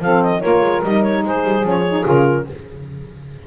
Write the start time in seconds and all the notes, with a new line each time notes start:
0.00 F3 C4 A4 F5
0.23 D#5
0.41 A#3 F4 A#4 C#5
0.61 G#3
0.84 G3 D#4 D#5
1.03 C#5
1.23 G#3 G#4 C5
1.44 G3
1.63 F3 C#4 C#5
1.89 D#4
2.05 C#3 F4 A#4